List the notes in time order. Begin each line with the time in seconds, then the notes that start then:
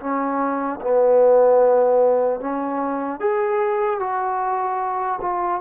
0.00 C#4
0.81 B3
2.40 C#4
3.20 G#4
4.00 F#4
5.21 F4